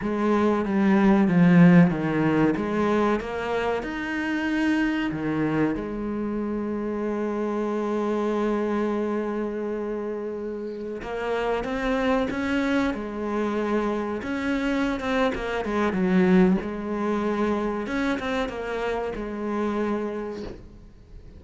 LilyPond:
\new Staff \with { instrumentName = "cello" } { \time 4/4 \tempo 4 = 94 gis4 g4 f4 dis4 | gis4 ais4 dis'2 | dis4 gis2.~ | gis1~ |
gis4~ gis16 ais4 c'4 cis'8.~ | cis'16 gis2 cis'4~ cis'16 c'8 | ais8 gis8 fis4 gis2 | cis'8 c'8 ais4 gis2 | }